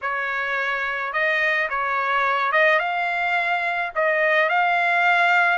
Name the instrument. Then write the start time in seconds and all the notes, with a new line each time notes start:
trumpet
0.01 C#5
1.12 D#5
1.69 C#5
2.52 D#5
2.79 F5
3.95 D#5
4.49 F5